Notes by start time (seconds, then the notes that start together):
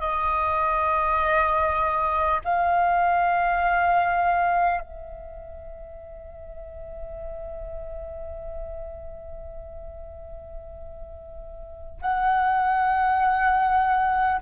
0.00 D#5
2.44 F5
4.80 E5
12.01 F#5